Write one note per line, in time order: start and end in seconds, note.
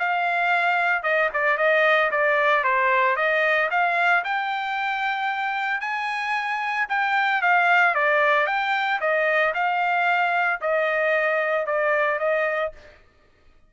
0.00 1.03 F5
1.03 1.30 D#5
1.34 1.58 D5
1.58 2.11 D#5
2.11 2.64 D5
2.64 3.17 C5
3.17 3.70 D#5
3.71 4.24 F5
4.25 5.81 G5
5.81 6.87 G#5
6.89 7.42 G5
7.42 7.95 F5
7.95 8.47 D5
8.47 9.00 G5
9.01 9.54 D#5
9.55 10.61 F5
10.61 11.66 D#5
11.66 12.19 D5
12.19 12.72 D#5